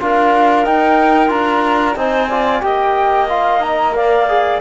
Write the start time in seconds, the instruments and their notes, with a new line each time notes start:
0.00 cello D4, trombone F4, clarinet A#4, flute F5
0.65 trombone D#4, cello D#4, flute G5
1.28 cello D4, trombone F4, flute A#5
1.96 cello C4, trombone D#4, clarinet C5, flute G#5
2.29 trombone F4, clarinet D5
2.62 cello A#3, trombone G4, clarinet D#5, flute G5
3.29 trombone F4, flute F5
3.60 trombone D#4, flute A#5
3.93 trombone A#4, clarinet D5, flute F5
4.29 trombone G#4